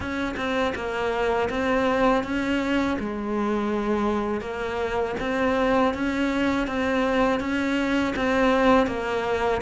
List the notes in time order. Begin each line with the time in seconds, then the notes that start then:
0.00 C#4
0.36 C4
0.75 A#3
1.49 C4
2.23 C#4
2.99 G#3
4.41 A#3
5.20 C4
5.94 C#4
6.67 C4
7.39 C#4
8.16 C4
8.87 A#3